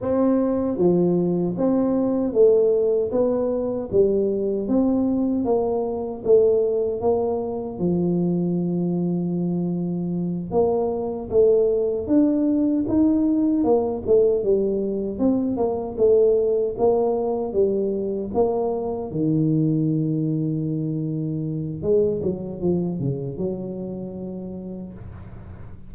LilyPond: \new Staff \with { instrumentName = "tuba" } { \time 4/4 \tempo 4 = 77 c'4 f4 c'4 a4 | b4 g4 c'4 ais4 | a4 ais4 f2~ | f4. ais4 a4 d'8~ |
d'8 dis'4 ais8 a8 g4 c'8 | ais8 a4 ais4 g4 ais8~ | ais8 dis2.~ dis8 | gis8 fis8 f8 cis8 fis2 | }